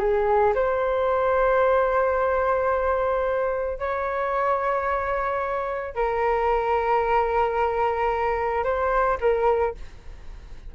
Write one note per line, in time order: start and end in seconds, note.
0.00 0.54 G#4
0.55 3.79 C5
3.79 5.95 C#5
5.95 8.64 A#4
8.64 9.18 C5
9.21 9.75 A#4